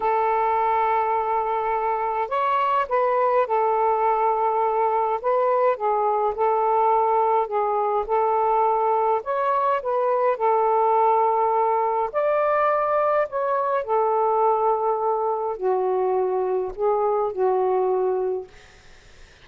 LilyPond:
\new Staff \with { instrumentName = "saxophone" } { \time 4/4 \tempo 4 = 104 a'1 | cis''4 b'4 a'2~ | a'4 b'4 gis'4 a'4~ | a'4 gis'4 a'2 |
cis''4 b'4 a'2~ | a'4 d''2 cis''4 | a'2. fis'4~ | fis'4 gis'4 fis'2 | }